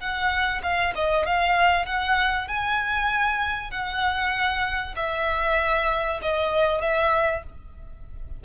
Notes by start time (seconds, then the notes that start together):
0.00 F#5
0.63 F5
0.95 D#5
1.26 F5
1.86 F#5
2.48 G#5
3.71 F#5
4.96 E5
6.22 D#5
6.82 E5